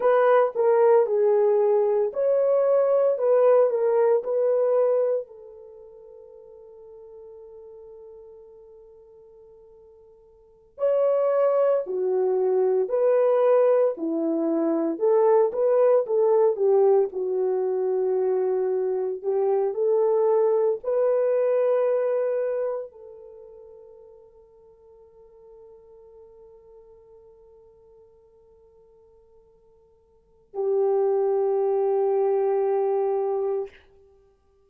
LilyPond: \new Staff \with { instrumentName = "horn" } { \time 4/4 \tempo 4 = 57 b'8 ais'8 gis'4 cis''4 b'8 ais'8 | b'4 a'2.~ | a'2~ a'16 cis''4 fis'8.~ | fis'16 b'4 e'4 a'8 b'8 a'8 g'16~ |
g'16 fis'2 g'8 a'4 b'16~ | b'4.~ b'16 a'2~ a'16~ | a'1~ | a'4 g'2. | }